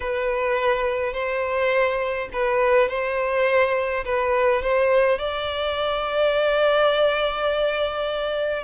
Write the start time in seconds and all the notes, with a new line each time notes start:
0.00 B4
1.13 C5
2.33 B4
2.88 C5
4.05 B4
4.62 C5
5.18 D5